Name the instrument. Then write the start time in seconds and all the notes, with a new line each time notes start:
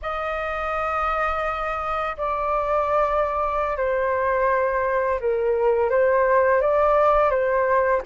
flute
0.02 D#5
2.17 D5
3.76 C5
5.19 A#4
5.90 C5
6.61 D5
7.30 C5